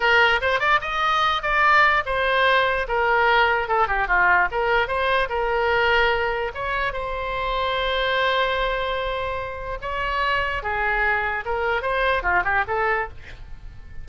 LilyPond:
\new Staff \with { instrumentName = "oboe" } { \time 4/4 \tempo 4 = 147 ais'4 c''8 d''8 dis''4. d''8~ | d''4 c''2 ais'4~ | ais'4 a'8 g'8 f'4 ais'4 | c''4 ais'2. |
cis''4 c''2.~ | c''1 | cis''2 gis'2 | ais'4 c''4 f'8 g'8 a'4 | }